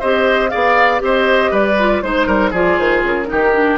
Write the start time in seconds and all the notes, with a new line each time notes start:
0.00 C4 G4 C5 D#5
0.50 B3 G#4 D5 F5
0.99 C4 G4 C5
1.06 D#5
1.51 G3 B4 D5
1.79 F4
2.02 G#3 D#4 C5
2.27 G3 A#4
2.51 F3 F4 G#4 D5
2.79 D#3 C5
3.04 C#3 A#4
3.26 D#4 G4
3.32 D#3
3.54 D4